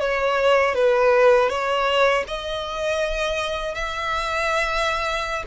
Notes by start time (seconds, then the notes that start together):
0.00 C#5
0.75 B4
1.50 C#5
2.28 D#5
3.75 E5